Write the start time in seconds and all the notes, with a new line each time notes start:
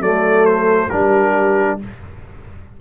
0.00 F#3 A3 A4 D5
0.46 C5
0.90 G3 D4 G4 A#4